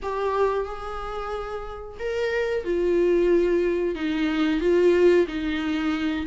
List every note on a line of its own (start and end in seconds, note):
0.02 0.65 G4
0.65 1.97 G#4
1.99 2.64 A#4
2.64 3.95 F4
3.95 4.60 D#4
4.60 5.26 F4
5.27 6.26 D#4